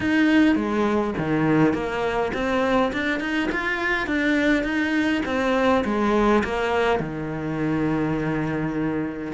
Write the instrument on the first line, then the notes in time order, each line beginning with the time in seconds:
cello
0.00 D#4
0.55 G#3
1.18 D#3
1.73 A#3
2.33 C4
2.93 D4
3.20 D#4
3.51 F4
4.06 D4
4.63 D#4
5.25 C4
5.85 G#3
6.44 A#3
6.99 D#3